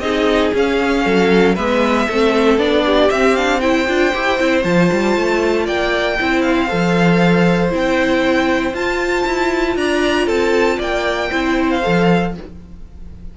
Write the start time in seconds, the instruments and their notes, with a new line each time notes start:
0.00 cello C4, viola D#4, violin G#4 D#5
0.54 viola C#4, cello C#4, violin F5
1.05 cello F#3, violin A4
1.55 cello G#3, viola B3, violin B4 E5
2.07 cello A3, viola C4, violin A4
2.58 cello B3, viola D4, violin D5
2.85 violin G4
3.10 viola C4, cello C4, violin E5
3.36 viola D4, violin F5
3.60 viola E4, violin C5 G5
3.87 cello D4, viola F4
4.14 cello E4, viola G4
4.39 cello C4, viola E4
4.62 cello F3, viola F4, violin A5
4.92 cello G3
5.16 cello A3
5.65 cello A#3, violin D5 G5
6.20 cello C4, viola E4, violin C5
6.42 violin F5
6.68 cello F3, viola A4
7.71 cello C4, viola E4, violin G5
8.74 viola F4, cello F4, violin A5
9.26 cello E4
9.76 cello D4, violin D5 A#5
10.26 cello C4, violin A4 A5
10.78 cello A#3, violin D5 G5
11.30 cello C4, viola E4, violin C5
11.70 violin F5
11.83 cello F3, viola A4